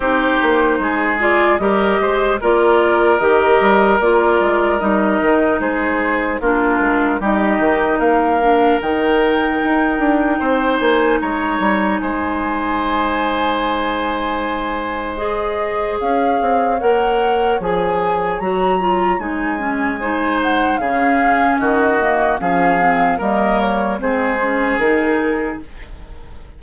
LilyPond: <<
  \new Staff \with { instrumentName = "flute" } { \time 4/4 \tempo 4 = 75 c''4. d''8 dis''4 d''4 | dis''4 d''4 dis''4 c''4 | ais'4 dis''4 f''4 g''4~ | g''4. gis''8 ais''4 gis''4~ |
gis''2. dis''4 | f''4 fis''4 gis''4 ais''4 | gis''4. fis''8 f''4 dis''4 | f''4 dis''8 cis''8 c''4 ais'4 | }
  \new Staff \with { instrumentName = "oboe" } { \time 4/4 g'4 gis'4 ais'8 c''8 ais'4~ | ais'2. gis'4 | f'4 g'4 ais'2~ | ais'4 c''4 cis''4 c''4~ |
c''1 | cis''1~ | cis''4 c''4 gis'4 fis'4 | gis'4 ais'4 gis'2 | }
  \new Staff \with { instrumentName = "clarinet" } { \time 4/4 dis'4. f'8 g'4 f'4 | g'4 f'4 dis'2 | d'4 dis'4. d'8 dis'4~ | dis'1~ |
dis'2. gis'4~ | gis'4 ais'4 gis'4 fis'8 f'8 | dis'8 cis'8 dis'4 cis'4. ais8 | cis'8 c'8 ais4 c'8 cis'8 dis'4 | }
  \new Staff \with { instrumentName = "bassoon" } { \time 4/4 c'8 ais8 gis4 g8 gis8 ais4 | dis8 g8 ais8 gis8 g8 dis8 gis4 | ais8 gis8 g8 dis8 ais4 dis4 | dis'8 d'8 c'8 ais8 gis8 g8 gis4~ |
gis1 | cis'8 c'8 ais4 f4 fis4 | gis2 cis4 dis4 | f4 g4 gis4 dis4 | }
>>